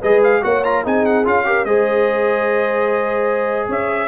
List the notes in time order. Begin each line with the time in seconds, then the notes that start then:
0.00 G#3 G#4 B4 D#5
0.23 F5
0.42 A#3 F#4 C#5 F#5
0.63 F4 A#5
0.83 C4 D#4 G#4 G#5
1.05 F#5
1.24 C#4 F4 F5
1.45 G4 A#4
1.65 G#3 G#4 C5 D#5
3.68 C#4 C#5 E5